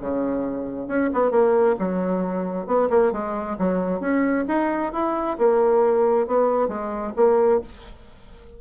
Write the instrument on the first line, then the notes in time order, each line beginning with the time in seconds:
bassoon
0.00 C#3
0.88 C#4
1.13 B3
1.31 A#3
1.79 F#3
2.66 B3
2.89 A#3
3.12 G#3
3.58 F#3
4.00 C#4
4.48 D#4
4.93 E4
5.38 A#3
6.27 B3
6.68 G#3
7.16 A#3